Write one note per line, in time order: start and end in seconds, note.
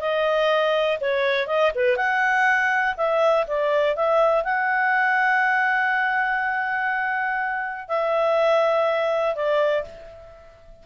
0.00 0.98 D#5
1.00 1.47 C#5
1.47 1.71 D#5
1.75 1.96 B4
1.96 2.95 F#5
2.97 3.46 E5
3.47 3.95 D5
3.95 4.44 E5
4.44 7.88 F#5
7.88 9.35 E5
9.35 9.85 D5